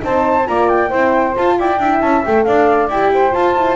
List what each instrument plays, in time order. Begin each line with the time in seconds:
0.00 double bass C4, horn D#4, saxophone C5, flute A5
0.46 double bass A#3, horn F4, saxophone D5, flute A#5
0.69 flute G5
0.89 double bass C4, horn E4, saxophone C5
1.34 horn F4, double bass F4, flute A5
1.59 double bass E4, saxophone D5, flute G5
1.79 double bass D4, horn E4, saxophone E5
2.01 double bass C#4, flute A5
2.25 double bass A3, horn A4, flute G5
2.44 double bass D4, saxophone D5, flute F5
2.89 double bass E4, horn G4, flute G5
3.13 saxophone C5
3.32 horn F4, double bass F4, flute A5
3.57 horn E4